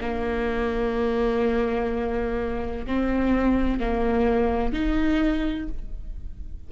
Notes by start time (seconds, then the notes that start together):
0.00 A#3
2.86 C4
3.79 A#3
4.73 D#4